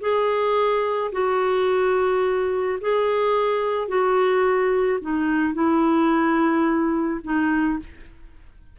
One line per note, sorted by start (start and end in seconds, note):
0.00 1.11 G#4
1.12 2.78 F#4
2.80 3.88 G#4
3.88 4.99 F#4
5.01 5.54 D#4
5.54 7.20 E4
7.23 7.79 D#4